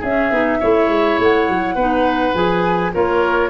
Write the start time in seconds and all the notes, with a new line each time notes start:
0.00 C#4 G#4 E5
0.31 B3 D#4
0.60 A3 E4 C#5
0.88 G#3
1.20 A3 F#5
1.49 F#3
1.75 B3 D#4 B4
2.35 F3 G#4 G#5
2.94 A#3 F4 A#4 C#5